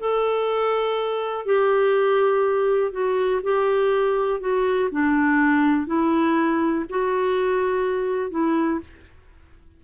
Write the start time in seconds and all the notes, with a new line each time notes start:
0.00 A4
1.46 G4
2.92 F#4
3.44 G4
4.41 F#4
4.92 D4
5.87 E4
6.90 F#4
8.31 E4